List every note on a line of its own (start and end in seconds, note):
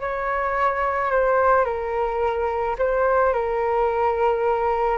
0.00 1.11 C#5
1.11 1.65 C5
1.65 2.76 A#4
2.78 3.33 C5
3.33 4.97 A#4